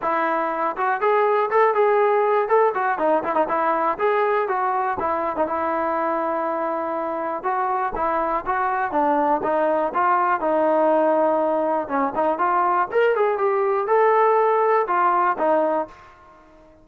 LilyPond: \new Staff \with { instrumentName = "trombone" } { \time 4/4 \tempo 4 = 121 e'4. fis'8 gis'4 a'8 gis'8~ | gis'4 a'8 fis'8 dis'8 e'16 dis'16 e'4 | gis'4 fis'4 e'8. dis'16 e'4~ | e'2. fis'4 |
e'4 fis'4 d'4 dis'4 | f'4 dis'2. | cis'8 dis'8 f'4 ais'8 gis'8 g'4 | a'2 f'4 dis'4 | }